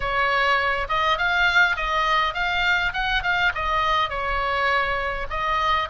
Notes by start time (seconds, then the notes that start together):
0.00 C#5
0.89 D#5
1.18 F5
1.76 D#5
2.34 F5
2.93 F#5
3.22 F5
3.54 D#5
4.09 C#5
5.29 D#5